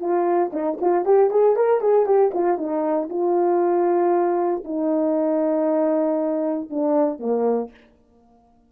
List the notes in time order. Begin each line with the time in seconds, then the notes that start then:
0.00 F4
0.53 D#4
0.81 F4
1.05 G4
1.30 G#4
1.56 A#4
1.81 G#4
2.06 G4
2.34 F4
2.57 D#4
3.10 F4
4.64 D#4
6.70 D4
7.19 A#3